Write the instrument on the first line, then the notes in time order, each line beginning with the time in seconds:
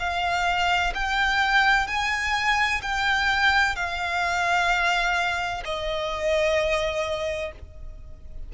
violin
0.00 F5
0.95 G5
1.88 G#5
2.82 G5
3.76 F5
5.65 D#5